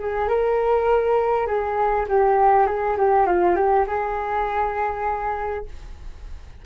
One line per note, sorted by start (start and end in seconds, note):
0.00 0.29 G#4
0.29 1.47 A#4
1.47 2.07 G#4
2.09 2.67 G4
2.67 2.97 G#4
2.98 3.27 G4
3.27 3.56 F4
3.56 3.86 G4
3.87 5.66 G#4